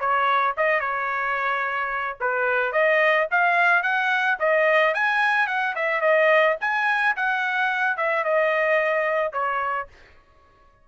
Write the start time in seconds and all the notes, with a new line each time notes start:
0.00 C#5
0.58 D#5
0.81 C#5
2.21 B4
2.73 D#5
3.32 F5
3.83 F#5
4.40 D#5
4.94 G#5
5.47 F#5
5.76 E5
6.02 D#5
6.61 G#5
7.17 F#5
7.97 E5
8.25 D#5
9.33 C#5